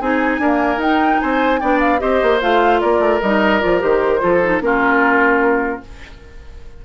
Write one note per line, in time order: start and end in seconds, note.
0.00 0.38 C4
0.00 0.41 D#4
0.00 0.40 G#4
0.00 0.81 G#5
0.38 0.81 A#3
0.38 0.77 D4
0.38 1.21 A#4
0.77 1.17 D#4
0.77 1.60 D#4
0.77 1.20 G5
1.20 1.62 C4
1.20 1.60 C5
1.20 1.59 G#5
1.59 2.02 B3
1.59 1.98 D4
1.59 2.00 D5
1.59 1.79 G5
1.80 2.00 F5
1.98 2.22 C4
1.98 2.38 G4
1.98 2.80 C5
1.98 2.40 D#5
2.22 2.42 A#3
2.41 2.82 A3
2.41 3.21 F4
2.41 2.80 F5
2.80 2.99 A#3
2.80 4.20 A#4
2.80 3.20 D5
2.99 3.19 A3
3.21 3.62 G3
3.21 3.60 D#4
3.21 3.60 D#5
3.60 3.82 F3
3.60 3.79 F4
3.60 3.80 D5
3.79 4.22 D#3
3.79 4.19 G4
3.79 4.62 C5
4.19 4.61 F3
4.19 4.39 F4
4.19 4.62 A4
4.42 4.61 D#4
4.61 5.81 A#3
4.61 5.81 C#4
4.61 5.85 F4
4.61 5.82 A#4